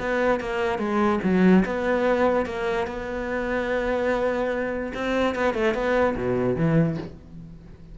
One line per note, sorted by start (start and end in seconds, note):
0.00 0.40 B3
0.40 0.79 A#3
0.79 1.20 G#3
1.24 1.65 F#3
1.66 2.46 B3
2.46 2.87 A#3
2.87 4.93 B3
4.94 5.35 C4
5.35 5.54 B3
5.54 5.74 A3
5.74 6.16 B3
6.17 6.56 B2
6.56 6.98 E3